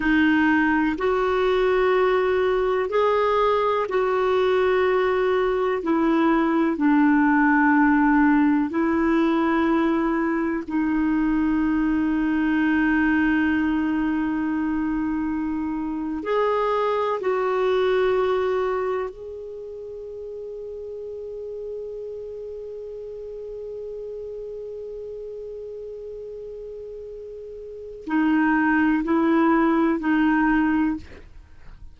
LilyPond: \new Staff \with { instrumentName = "clarinet" } { \time 4/4 \tempo 4 = 62 dis'4 fis'2 gis'4 | fis'2 e'4 d'4~ | d'4 e'2 dis'4~ | dis'1~ |
dis'8. gis'4 fis'2 gis'16~ | gis'1~ | gis'1~ | gis'4 dis'4 e'4 dis'4 | }